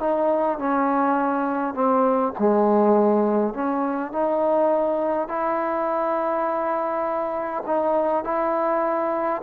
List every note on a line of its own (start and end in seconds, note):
0.00 0.59 D#4
0.59 1.75 C#4
1.75 2.33 C4
2.39 3.54 G#3
3.54 4.13 C#4
4.13 5.29 D#4
5.29 7.64 E4
7.66 8.24 D#4
8.24 9.42 E4